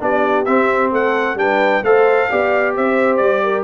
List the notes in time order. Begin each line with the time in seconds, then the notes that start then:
0.00 B3 D4 G4 D5
0.45 C4 E5
0.92 A3 A4 F#5
1.35 G3 D4 B4 G5
1.83 A3 A4 C5 F5
2.29 B3 G4 D5
2.76 C4 C5 E5
3.17 G3 D5
3.44 A#4